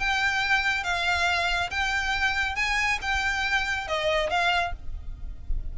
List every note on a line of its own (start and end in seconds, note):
0.00 0.84 G5
0.84 1.70 F5
1.71 2.56 G5
2.56 2.99 G#5
3.02 3.88 G5
3.88 4.30 D#5
4.30 4.73 F5